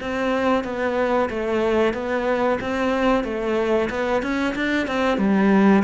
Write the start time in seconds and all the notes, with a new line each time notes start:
0.00 C4
0.64 B3
1.29 A3
1.93 B3
2.60 C4
3.24 A3
3.90 B3
4.22 C#4
4.55 D4
4.87 C4
5.18 G3